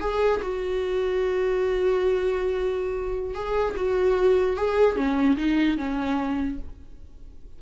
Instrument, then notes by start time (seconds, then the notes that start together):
viola
0.00 G#4
0.42 F#4
3.34 G#4
3.76 F#4
4.56 G#4
4.96 C#4
5.37 D#4
5.77 C#4